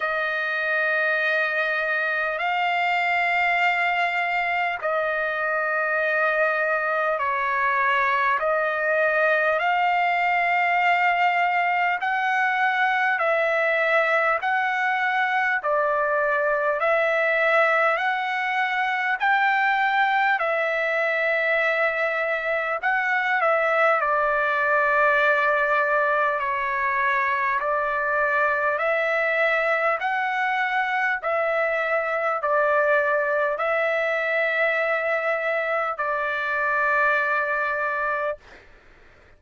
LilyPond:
\new Staff \with { instrumentName = "trumpet" } { \time 4/4 \tempo 4 = 50 dis''2 f''2 | dis''2 cis''4 dis''4 | f''2 fis''4 e''4 | fis''4 d''4 e''4 fis''4 |
g''4 e''2 fis''8 e''8 | d''2 cis''4 d''4 | e''4 fis''4 e''4 d''4 | e''2 d''2 | }